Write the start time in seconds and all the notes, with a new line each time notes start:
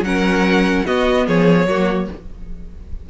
0.00 F#3 C#4 F#5
0.07 A#4
0.85 B3 F#4 D#5
1.27 F3 G#4 C#5
1.66 F#3 A#3 F#4